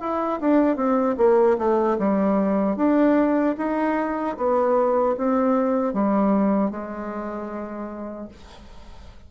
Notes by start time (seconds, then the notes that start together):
0.00 E4
0.40 D4
0.76 C4
1.17 A#3
1.58 A3
1.98 G3
2.76 D4
3.57 D#4
4.37 B3
5.17 C4
5.93 G3
6.70 G#3